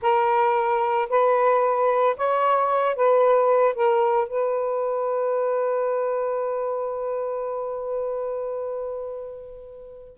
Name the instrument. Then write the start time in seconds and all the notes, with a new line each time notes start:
saxophone
0.01 A#4
1.09 B4
2.16 C#5
2.95 B4
3.74 A#4
4.27 B4